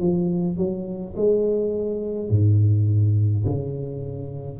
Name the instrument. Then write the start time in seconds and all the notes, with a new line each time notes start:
tuba
0.00 F3
0.57 F#3
1.16 G#3
2.30 G#2
3.46 C#3